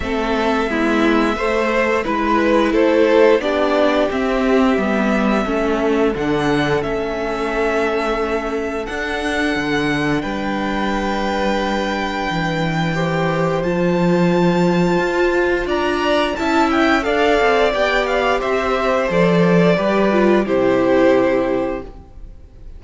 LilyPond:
<<
  \new Staff \with { instrumentName = "violin" } { \time 4/4 \tempo 4 = 88 e''2. b'4 | c''4 d''4 e''2~ | e''4 fis''4 e''2~ | e''4 fis''2 g''4~ |
g''1 | a''2. ais''4 | a''8 g''8 f''4 g''8 f''8 e''4 | d''2 c''2 | }
  \new Staff \with { instrumentName = "violin" } { \time 4/4 a'4 e'4 c''4 b'4 | a'4 g'2. | a'1~ | a'2. b'4~ |
b'2. c''4~ | c''2. d''4 | e''4 d''2 c''4~ | c''4 b'4 g'2 | }
  \new Staff \with { instrumentName = "viola" } { \time 4/4 c'4 b4 a4 e'4~ | e'4 d'4 c'4 b4 | cis'4 d'4 cis'2~ | cis'4 d'2.~ |
d'2. g'4 | f'1 | e'4 a'4 g'2 | a'4 g'8 f'8 e'2 | }
  \new Staff \with { instrumentName = "cello" } { \time 4/4 a4 gis4 a4 gis4 | a4 b4 c'4 g4 | a4 d4 a2~ | a4 d'4 d4 g4~ |
g2 e2 | f2 f'4 d'4 | cis'4 d'8 c'8 b4 c'4 | f4 g4 c2 | }
>>